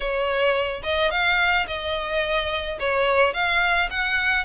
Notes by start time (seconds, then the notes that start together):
0.00 C#5
0.83 D#5
1.10 F5
1.67 D#5
2.79 C#5
3.33 F5
3.90 F#5